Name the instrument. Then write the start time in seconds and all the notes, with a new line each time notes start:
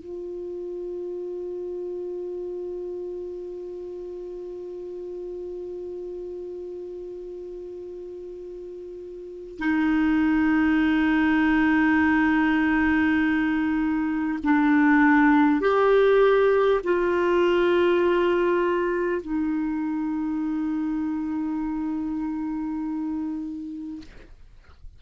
clarinet
0.00 F4
9.59 D#4
14.44 D4
15.61 G4
16.84 F4
19.22 D#4